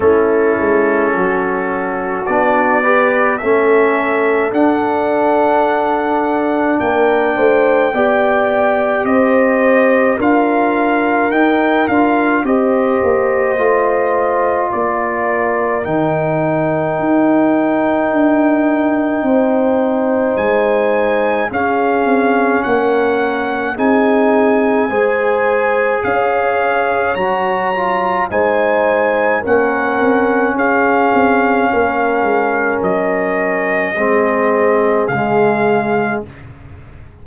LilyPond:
<<
  \new Staff \with { instrumentName = "trumpet" } { \time 4/4 \tempo 4 = 53 a'2 d''4 e''4 | fis''2 g''2 | dis''4 f''4 g''8 f''8 dis''4~ | dis''4 d''4 g''2~ |
g''2 gis''4 f''4 | fis''4 gis''2 f''4 | ais''4 gis''4 fis''4 f''4~ | f''4 dis''2 f''4 | }
  \new Staff \with { instrumentName = "horn" } { \time 4/4 e'4 fis'4. b'8 a'4~ | a'2 ais'8 c''8 d''4 | c''4 ais'2 c''4~ | c''4 ais'2.~ |
ais'4 c''2 gis'4 | ais'4 gis'4 c''4 cis''4~ | cis''4 c''4 ais'4 gis'4 | ais'2 gis'2 | }
  \new Staff \with { instrumentName = "trombone" } { \time 4/4 cis'2 d'8 g'8 cis'4 | d'2. g'4~ | g'4 f'4 dis'8 f'8 g'4 | f'2 dis'2~ |
dis'2. cis'4~ | cis'4 dis'4 gis'2 | fis'8 f'8 dis'4 cis'2~ | cis'2 c'4 gis4 | }
  \new Staff \with { instrumentName = "tuba" } { \time 4/4 a8 gis8 fis4 b4 a4 | d'2 ais8 a8 b4 | c'4 d'4 dis'8 d'8 c'8 ais8 | a4 ais4 dis4 dis'4 |
d'4 c'4 gis4 cis'8 c'8 | ais4 c'4 gis4 cis'4 | fis4 gis4 ais8 c'8 cis'8 c'8 | ais8 gis8 fis4 gis4 cis4 | }
>>